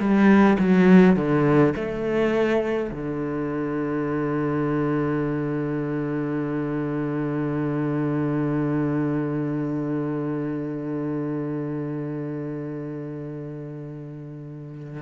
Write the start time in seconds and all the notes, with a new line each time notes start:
0.00 G3
0.59 F#3
1.16 D3
1.76 A3
2.92 D3